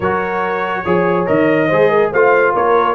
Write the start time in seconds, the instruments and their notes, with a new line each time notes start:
0.00 tuba F#3, trombone F#4, horn A#4, trumpet C#5
0.84 tuba F3, trombone G#4, horn C#5
1.26 tuba D#3, trombone A#4, trumpet D#5
1.67 tuba G#3, trombone G#4, horn C5
1.88 horn A#4
2.11 tuba A3, trombone F4, horn C5, trumpet F5
2.52 tuba A#3, horn A#4, trumpet C#5